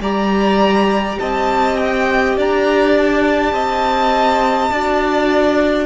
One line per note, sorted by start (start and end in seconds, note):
0.00 1.18 G3
0.00 4.72 G4
0.00 1.18 D5
0.00 1.19 A#5
1.19 2.37 C4
1.19 2.37 D#5
1.19 1.77 A5
1.77 2.36 G5
2.37 3.52 D4
2.37 3.54 D5
2.37 2.97 A#5
2.97 5.86 A5
3.52 4.70 C4
3.52 4.71 D#5
4.71 5.86 D4
4.71 5.86 F#4
4.71 5.86 D5